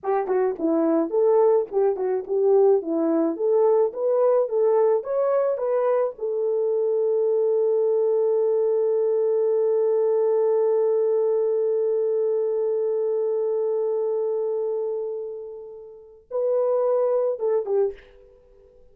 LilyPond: \new Staff \with { instrumentName = "horn" } { \time 4/4 \tempo 4 = 107 g'8 fis'8 e'4 a'4 g'8 fis'8 | g'4 e'4 a'4 b'4 | a'4 cis''4 b'4 a'4~ | a'1~ |
a'1~ | a'1~ | a'1~ | a'4 b'2 a'8 g'8 | }